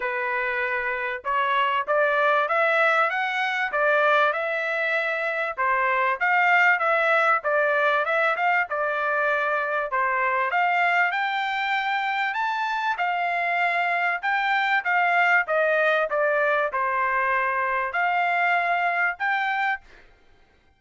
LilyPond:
\new Staff \with { instrumentName = "trumpet" } { \time 4/4 \tempo 4 = 97 b'2 cis''4 d''4 | e''4 fis''4 d''4 e''4~ | e''4 c''4 f''4 e''4 | d''4 e''8 f''8 d''2 |
c''4 f''4 g''2 | a''4 f''2 g''4 | f''4 dis''4 d''4 c''4~ | c''4 f''2 g''4 | }